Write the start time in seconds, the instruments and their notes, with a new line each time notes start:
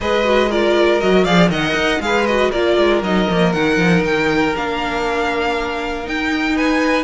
0.00 cello G#3, viola G#4, violin B4 D#5
0.24 viola F#4
0.49 viola F4, violin A#4 D5
1.00 cello F#3, viola F#4, violin D#5
1.24 cello F3, viola G#4, violin D5 F5
1.49 cello D#3, viola A#4, violin D#5 F#5
1.74 cello D#4
2.00 cello G#3, viola G#4, violin B4 F5
2.26 viola F#4, violin D#5
2.51 cello A#3, viola F4, violin A#4 D5
2.77 cello G#3
3.02 cello F#3, viola D#4, violin D#5
3.29 cello F3, viola A#3
3.52 cello D#3, viola D#4, violin F#5
3.77 cello F3
4.02 cello D#3, violin G5
4.55 cello A#3, viola D4, violin F5
6.04 viola D#4, cello D#4, violin G5
6.55 violin B4 G#5